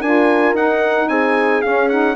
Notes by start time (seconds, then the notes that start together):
0.00 D4 F4 A#4 G#5
0.53 D#4 F#5
1.08 C4 G#4 G#5
1.62 C#4 F5
1.89 D#4 F#5